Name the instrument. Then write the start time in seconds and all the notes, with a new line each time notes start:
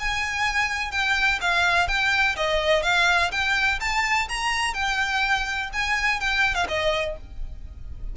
violin
0.00 G#5
0.92 G5
1.42 F5
1.88 G5
2.37 D#5
2.83 F5
3.32 G5
3.81 A5
4.29 A#5
4.74 G5
5.73 G#5
6.21 G5
6.55 F5
6.69 D#5